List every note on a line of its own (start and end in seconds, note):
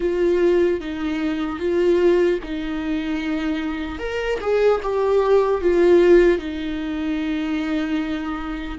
0.00 0.80 F4
0.80 1.59 D#4
1.59 2.39 F4
2.43 3.99 D#4
3.99 4.39 A#4
4.40 4.80 G#4
4.82 5.61 G4
5.61 6.38 F4
6.38 8.78 D#4